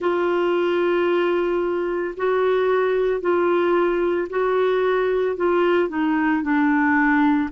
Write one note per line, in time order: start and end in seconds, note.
0.00 2.14 F4
2.16 3.20 F#4
3.20 4.28 F4
4.29 5.36 F#4
5.36 5.88 F4
5.88 6.42 D#4
6.42 7.49 D4